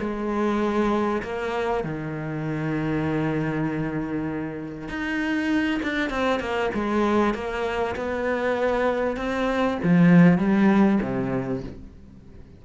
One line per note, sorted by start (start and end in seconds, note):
0.00 1.22 G#3
1.23 1.84 A#3
1.84 4.89 D#3
4.89 5.81 D#4
5.83 6.10 D4
6.10 6.40 C4
6.40 6.71 A#3
6.75 7.34 G#3
7.34 7.96 A#3
7.96 9.17 B3
9.17 9.78 C4
9.84 10.39 F3
10.39 11.00 G3
11.02 11.64 C3